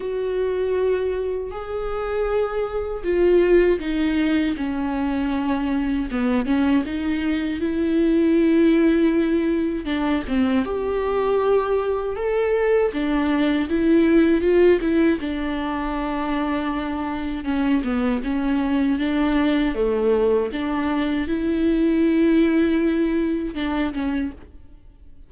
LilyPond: \new Staff \with { instrumentName = "viola" } { \time 4/4 \tempo 4 = 79 fis'2 gis'2 | f'4 dis'4 cis'2 | b8 cis'8 dis'4 e'2~ | e'4 d'8 c'8 g'2 |
a'4 d'4 e'4 f'8 e'8 | d'2. cis'8 b8 | cis'4 d'4 a4 d'4 | e'2. d'8 cis'8 | }